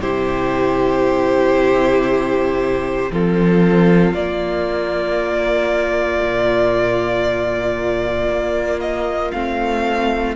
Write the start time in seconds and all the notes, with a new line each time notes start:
0.00 C3 E4 G4 C5
3.11 F3 C4 F4 A4
4.14 A#3 D5
6.21 A#2
8.28 A#3
8.80 D#5
9.31 A3 C4 F5